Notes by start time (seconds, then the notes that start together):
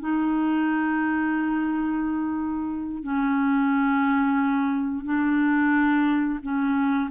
0.00 D#4
3.03 C#4
5.05 D4
6.43 C#4